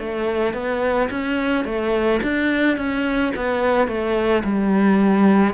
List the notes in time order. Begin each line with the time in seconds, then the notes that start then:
0.00 A3
0.54 B3
1.11 C#4
1.65 A3
2.23 D4
2.78 C#4
3.36 B3
3.88 A3
4.45 G3